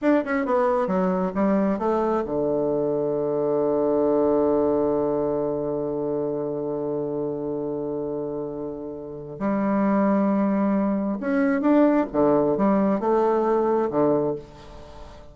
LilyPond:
\new Staff \with { instrumentName = "bassoon" } { \time 4/4 \tempo 4 = 134 d'8 cis'8 b4 fis4 g4 | a4 d2.~ | d1~ | d1~ |
d1~ | d4 g2.~ | g4 cis'4 d'4 d4 | g4 a2 d4 | }